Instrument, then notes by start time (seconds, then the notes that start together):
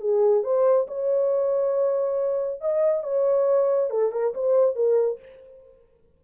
horn
0.00 G#4
0.43 C5
0.87 C#5
2.61 D#5
3.03 C#5
3.90 A4
4.12 A#4
4.34 C5
4.75 A#4